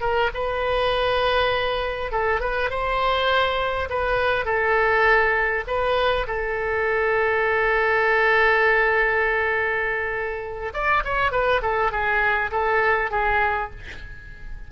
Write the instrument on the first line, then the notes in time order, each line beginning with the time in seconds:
oboe
0.00 A#4
0.33 B4
2.11 A4
2.40 B4
2.70 C5
3.89 B4
4.45 A4
5.67 B4
6.27 A4
10.73 D5
11.04 C#5
11.31 B4
11.62 A4
11.91 G#4
12.51 A4
13.10 G#4